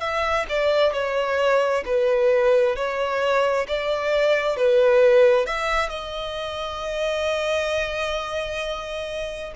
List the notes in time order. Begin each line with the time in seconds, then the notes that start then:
0.00 E5
0.49 D5
0.93 C#5
1.85 B4
2.75 C#5
3.67 D5
4.56 B4
5.46 E5
5.89 D#5